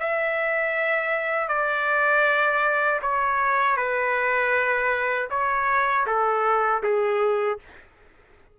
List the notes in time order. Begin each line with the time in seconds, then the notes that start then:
0.00 E5
1.48 D5
3.02 C#5
3.77 B4
5.30 C#5
6.07 A4
6.83 G#4